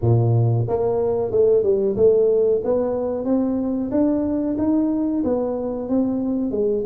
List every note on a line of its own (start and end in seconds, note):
0.01 0.66 A#2
0.68 1.31 A#3
1.31 1.63 A3
1.63 1.96 G3
1.96 2.61 A3
2.64 3.25 B3
3.25 3.90 C4
3.91 4.56 D4
4.58 5.23 D#4
5.24 5.88 B3
5.88 6.51 C4
6.51 6.83 G#3